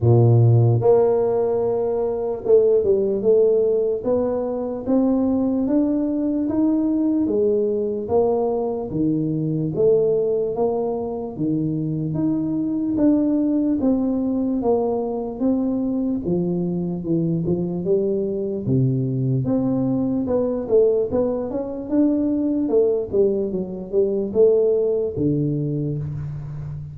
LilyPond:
\new Staff \with { instrumentName = "tuba" } { \time 4/4 \tempo 4 = 74 ais,4 ais2 a8 g8 | a4 b4 c'4 d'4 | dis'4 gis4 ais4 dis4 | a4 ais4 dis4 dis'4 |
d'4 c'4 ais4 c'4 | f4 e8 f8 g4 c4 | c'4 b8 a8 b8 cis'8 d'4 | a8 g8 fis8 g8 a4 d4 | }